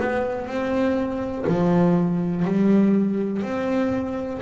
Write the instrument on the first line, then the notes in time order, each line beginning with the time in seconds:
double bass
0.00 B3
0.46 C4
1.47 F3
2.45 G3
3.42 C4